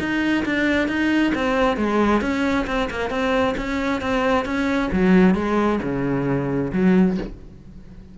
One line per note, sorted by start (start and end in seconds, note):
0.00 0.45 D#4
0.46 0.89 D4
0.89 1.33 D#4
1.35 1.77 C4
1.77 2.22 G#3
2.22 2.66 C#4
2.67 2.89 C4
2.91 3.10 A#3
3.10 3.55 C4
3.57 4.02 C#4
4.02 4.46 C4
4.46 4.90 C#4
4.93 5.35 F#3
5.35 5.80 G#3
5.82 6.72 C#3
6.73 7.18 F#3